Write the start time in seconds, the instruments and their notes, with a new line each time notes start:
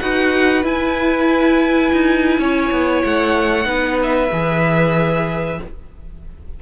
0.00 cello D#4, viola F#4, violin B4 F#5
0.63 viola E4, cello E4, violin G#5
1.93 cello D#4
2.39 cello C#4, violin C#5
2.72 cello B3
3.04 cello A3, violin F#5
3.64 cello B3, viola D#4, violin B4
4.03 violin E5
4.32 cello E3, viola G#4